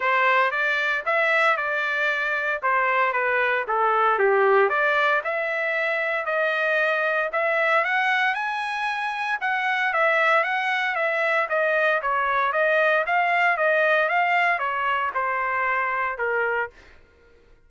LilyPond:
\new Staff \with { instrumentName = "trumpet" } { \time 4/4 \tempo 4 = 115 c''4 d''4 e''4 d''4~ | d''4 c''4 b'4 a'4 | g'4 d''4 e''2 | dis''2 e''4 fis''4 |
gis''2 fis''4 e''4 | fis''4 e''4 dis''4 cis''4 | dis''4 f''4 dis''4 f''4 | cis''4 c''2 ais'4 | }